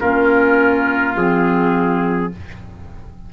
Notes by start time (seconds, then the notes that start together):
0.00 A#3 C#4 F4 A#4
1.16 F3 C4 G#4